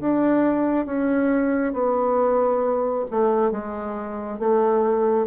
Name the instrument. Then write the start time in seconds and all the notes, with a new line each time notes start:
bassoon
0.00 D4
0.86 C#4
1.73 B3
3.11 A3
3.52 G#3
4.39 A3